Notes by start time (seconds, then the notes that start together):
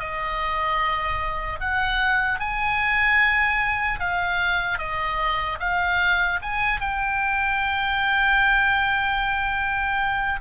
0.00 D#5
1.60 F#5
2.40 G#5
4.00 F5
4.79 D#5
5.60 F5
6.43 G#5
6.81 G5